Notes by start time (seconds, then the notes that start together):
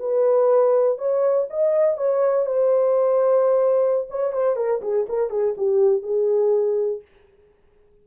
0.00 B4
0.98 C#5
1.50 D#5
1.98 C#5
2.47 C5
4.10 C#5
4.33 C5
4.57 A#4
4.82 G#4
5.10 A#4
5.31 G#4
5.58 G4
6.03 G#4